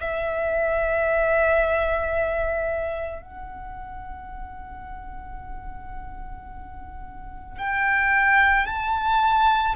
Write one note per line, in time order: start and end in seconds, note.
0.00 3.22 E5
3.22 7.58 F#5
7.58 8.66 G5
8.66 9.75 A5